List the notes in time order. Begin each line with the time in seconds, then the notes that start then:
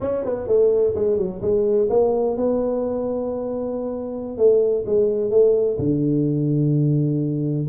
0.01 C#4
0.24 B3
0.47 A3
0.95 G#3
1.17 F#3
1.41 G#3
1.89 A#3
2.36 B3
4.37 A3
4.86 G#3
5.30 A3
5.78 D3